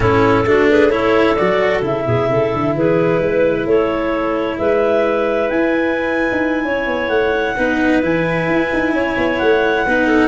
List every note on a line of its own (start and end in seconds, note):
0.00 0.45 A2
0.00 0.45 C#4
0.00 0.45 E4
0.00 0.68 A4
0.45 1.36 A3
0.45 0.90 D4
0.45 0.70 F#4
0.70 0.92 G#4
0.70 0.90 B4
0.90 1.36 E4
0.90 2.05 A4
0.90 1.35 C#5
1.35 1.81 F#3
1.35 1.82 F#4
1.35 1.81 D5
1.81 2.04 C#3
1.81 7.55 E4
1.81 2.76 E5
2.05 2.29 B2
2.05 2.28 G#4
2.29 2.52 C#3
2.29 2.75 A4
2.54 2.74 D3
2.74 3.19 E3
2.74 3.22 G#4
2.74 3.67 B4
3.19 3.65 G#3
3.19 3.68 B4
3.65 4.57 A3
3.65 4.58 A4
3.65 4.57 C#5
4.57 5.49 G#3
4.57 6.64 B4
4.57 5.49 E5
5.49 6.30 E4
5.49 7.08 G#5
6.31 6.64 D#4
6.64 6.86 C#4
6.64 7.55 C#5
6.86 7.09 B3
7.08 7.54 A3
7.08 8.00 F#5
7.55 8.02 B3
7.55 8.02 D#4
7.55 8.92 B4
8.02 8.47 E3
8.02 9.85 E4
8.02 9.38 G#5
8.47 8.70 E4
8.73 8.92 D#4
8.92 9.15 C#4
8.92 9.85 C#5
9.17 9.40 B3
9.38 9.86 A3
9.38 10.28 F#5
9.85 10.28 B3
9.85 10.28 D#4
9.85 10.07 B4
10.07 10.28 A4